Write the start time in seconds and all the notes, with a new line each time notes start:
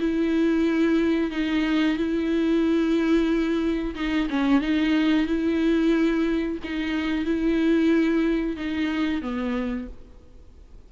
0.00 E4
1.31 D#4
1.97 E4
3.95 D#4
4.30 C#4
4.61 D#4
5.26 E4
6.64 D#4
7.25 E4
8.57 D#4
9.22 B3